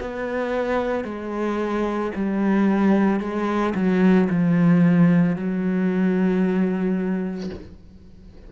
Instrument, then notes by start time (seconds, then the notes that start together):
cello
0.00 B3
1.04 G#3
2.15 G3
3.19 G#3
3.74 F#3
4.29 F3
5.35 F#3